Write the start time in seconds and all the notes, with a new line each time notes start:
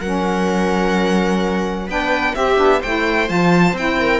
0.00 F#3 C#4 A#4 F#5
1.87 B3 D4 B4 G5
2.35 C4 G4 E5
2.56 B3 D4
2.80 A3 E4 C5 G5
3.26 F3 F4 A5
3.73 C4 E4 G5
4.00 A#4